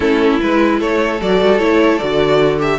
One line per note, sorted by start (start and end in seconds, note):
0.00 0.39 A3
0.00 0.40 C#4
0.00 0.78 E4
0.00 0.39 A4
0.40 0.80 G#3
0.40 1.20 E4
0.40 0.80 B4
0.78 1.20 A3
0.78 2.78 A4
0.78 1.20 C#5
1.20 1.41 F#3
1.20 1.59 F#4
1.20 1.58 D5
1.42 1.59 G3
1.58 1.99 A3
1.58 1.99 E4
1.58 1.98 C#5
1.98 2.78 D3
1.98 2.59 F#4
1.98 2.58 D5
2.59 2.78 G4
2.59 2.78 E5